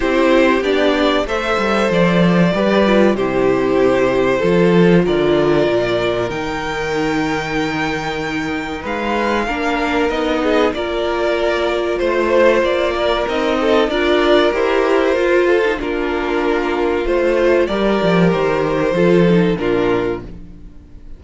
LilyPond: <<
  \new Staff \with { instrumentName = "violin" } { \time 4/4 \tempo 4 = 95 c''4 d''4 e''4 d''4~ | d''4 c''2. | d''2 g''2~ | g''2 f''2 |
dis''4 d''2 c''4 | d''4 dis''4 d''4 c''4~ | c''4 ais'2 c''4 | d''4 c''2 ais'4 | }
  \new Staff \with { instrumentName = "violin" } { \time 4/4 g'2 c''2 | b'4 g'2 a'4 | ais'1~ | ais'2 b'4 ais'4~ |
ais'8 gis'8 ais'2 c''4~ | c''8 ais'4 a'8 ais'2~ | ais'8 a'8 f'2. | ais'2 a'4 f'4 | }
  \new Staff \with { instrumentName = "viola" } { \time 4/4 e'4 d'4 a'2 | g'8 f'8 e'2 f'4~ | f'2 dis'2~ | dis'2. d'4 |
dis'4 f'2.~ | f'4 dis'4 f'4 g'4 | f'8. dis'16 d'2 f'4 | g'2 f'8 dis'8 d'4 | }
  \new Staff \with { instrumentName = "cello" } { \time 4/4 c'4 b4 a8 g8 f4 | g4 c2 f4 | d4 ais,4 dis2~ | dis2 gis4 ais4 |
b4 ais2 a4 | ais4 c'4 d'4 e'4 | f'4 ais2 a4 | g8 f8 dis4 f4 ais,4 | }
>>